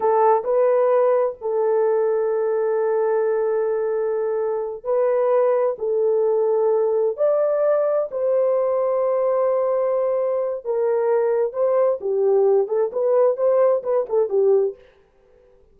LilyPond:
\new Staff \with { instrumentName = "horn" } { \time 4/4 \tempo 4 = 130 a'4 b'2 a'4~ | a'1~ | a'2~ a'8 b'4.~ | b'8 a'2. d''8~ |
d''4. c''2~ c''8~ | c''2. ais'4~ | ais'4 c''4 g'4. a'8 | b'4 c''4 b'8 a'8 g'4 | }